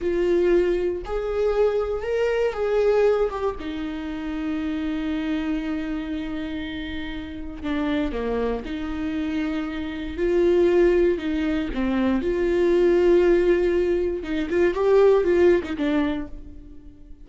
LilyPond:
\new Staff \with { instrumentName = "viola" } { \time 4/4 \tempo 4 = 118 f'2 gis'2 | ais'4 gis'4. g'8 dis'4~ | dis'1~ | dis'2. d'4 |
ais4 dis'2. | f'2 dis'4 c'4 | f'1 | dis'8 f'8 g'4 f'8. dis'16 d'4 | }